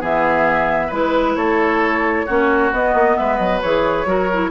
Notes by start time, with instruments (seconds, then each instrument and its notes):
0.00 bassoon E3, clarinet B3, oboe G#4, flute E5
0.87 bassoon G#3, clarinet E4, oboe B4, flute B4
1.36 bassoon A3, oboe A4, flute C#5
2.26 bassoon A#3, clarinet C#4, oboe F#4
2.72 bassoon B3, clarinet B3, flute D#5
2.94 bassoon A#3
3.17 bassoon G#3, oboe B4, flute E5
3.37 bassoon F#3, flute D#5
3.61 bassoon E3, clarinet G#4, flute C#5
4.05 bassoon F#3, clarinet F#4, oboe A#4
4.33 clarinet E4